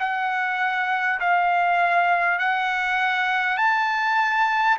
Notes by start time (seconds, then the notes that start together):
0.00 F#5
1.21 F5
2.39 F#5
3.58 A5